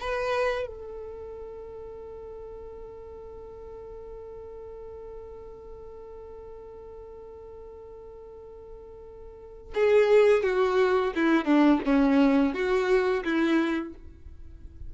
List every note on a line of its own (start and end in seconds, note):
0.00 0.67 B4
0.67 9.74 A4
9.75 10.44 G#4
10.44 11.13 F#4
11.15 11.45 E4
11.45 11.80 D4
11.86 12.54 C#4
12.54 13.24 F#4
13.24 13.94 E4